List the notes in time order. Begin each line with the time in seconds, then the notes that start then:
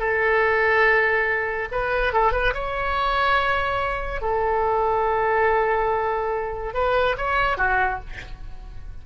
0.00 A4
1.72 B4
2.13 A4
2.33 B4
2.54 C#5
4.22 A4
6.74 B4
7.18 C#5
7.58 F#4